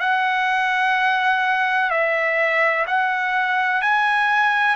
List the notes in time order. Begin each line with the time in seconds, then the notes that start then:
0.00 F#5
1.90 E5
2.87 F#5
3.81 G#5